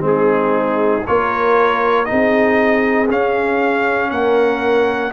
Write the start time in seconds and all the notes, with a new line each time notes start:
0.00 G#3 C4
0.07 D#4 G#4
1.07 A#3 F4 A#4 C#5
2.05 D#4 G#4 D#5
2.12 C4
3.10 C#4 F5
4.11 A#3 A#4 F#5